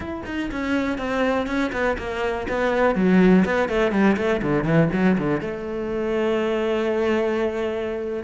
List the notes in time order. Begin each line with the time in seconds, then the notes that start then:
0.00 E4
0.25 D#4
0.51 C#4
0.97 C4
1.46 C#4
1.72 B3
1.98 A#3
2.48 B3
2.95 F#3
3.45 B3
3.69 A3
3.91 G3
4.16 A3
4.42 D3
4.64 E3
4.92 F#3
5.18 D3
5.41 A3